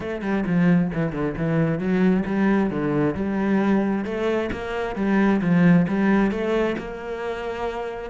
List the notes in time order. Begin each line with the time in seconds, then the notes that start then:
0.00 A3
0.21 G3
0.46 F3
0.93 E3
1.12 D3
1.37 E3
1.78 F#3
2.25 G3
2.70 D3
3.15 G3
4.04 A3
4.51 A#3
4.95 G3
5.41 F3
5.87 G3
6.31 A3
6.78 A#3